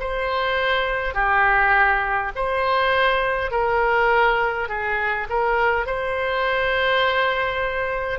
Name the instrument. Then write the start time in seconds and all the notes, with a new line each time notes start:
oboe
0.00 C5
1.14 G4
2.36 C5
3.51 A#4
4.69 G#4
5.29 A#4
5.87 C5